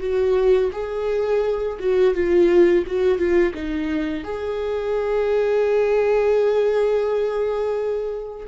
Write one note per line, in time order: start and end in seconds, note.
0.00 0.71 F#4
0.72 1.78 G#4
1.79 2.14 F#4
2.14 2.85 F4
2.86 3.18 F#4
3.18 3.53 F4
3.54 4.24 D#4
4.24 8.47 G#4